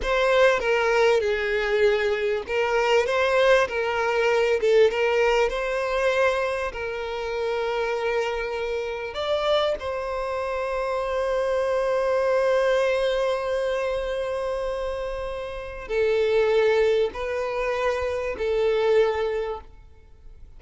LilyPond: \new Staff \with { instrumentName = "violin" } { \time 4/4 \tempo 4 = 98 c''4 ais'4 gis'2 | ais'4 c''4 ais'4. a'8 | ais'4 c''2 ais'4~ | ais'2. d''4 |
c''1~ | c''1~ | c''2 a'2 | b'2 a'2 | }